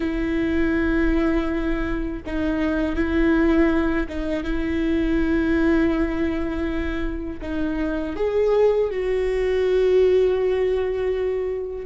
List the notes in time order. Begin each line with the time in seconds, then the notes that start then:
0.00 E4
2.26 D#4
2.95 E4
4.08 D#4
4.43 E4
7.41 D#4
8.16 G#4
8.90 F#4